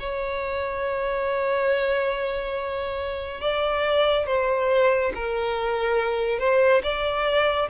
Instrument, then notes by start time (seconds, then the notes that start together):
violin
0.00 C#5
3.41 D5
4.27 C5
5.15 A#4
6.39 C5
6.83 D5